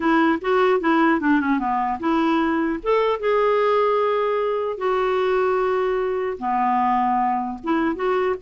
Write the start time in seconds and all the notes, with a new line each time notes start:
0.00 E4
0.41 F#4
0.80 E4
1.20 D4
1.40 C#4
1.59 B3
1.99 E4
2.83 A4
3.19 G#4
4.77 F#4
6.38 B3
7.63 E4
7.95 F#4